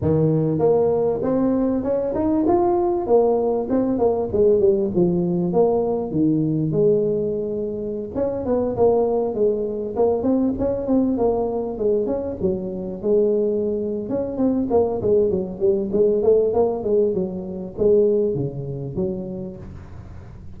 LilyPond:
\new Staff \with { instrumentName = "tuba" } { \time 4/4 \tempo 4 = 98 dis4 ais4 c'4 cis'8 dis'8 | f'4 ais4 c'8 ais8 gis8 g8 | f4 ais4 dis4 gis4~ | gis4~ gis16 cis'8 b8 ais4 gis8.~ |
gis16 ais8 c'8 cis'8 c'8 ais4 gis8 cis'16~ | cis'16 fis4 gis4.~ gis16 cis'8 c'8 | ais8 gis8 fis8 g8 gis8 a8 ais8 gis8 | fis4 gis4 cis4 fis4 | }